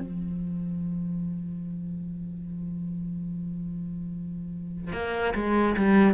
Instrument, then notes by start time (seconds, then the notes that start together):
cello
0.00 F3
4.93 A#3
5.35 G#3
5.77 G3